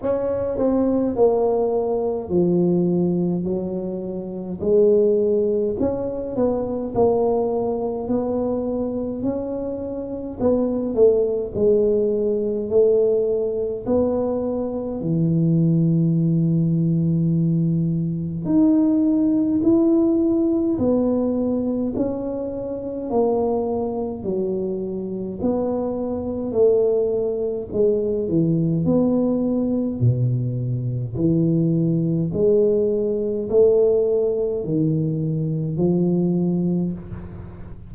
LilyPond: \new Staff \with { instrumentName = "tuba" } { \time 4/4 \tempo 4 = 52 cis'8 c'8 ais4 f4 fis4 | gis4 cis'8 b8 ais4 b4 | cis'4 b8 a8 gis4 a4 | b4 e2. |
dis'4 e'4 b4 cis'4 | ais4 fis4 b4 a4 | gis8 e8 b4 b,4 e4 | gis4 a4 dis4 f4 | }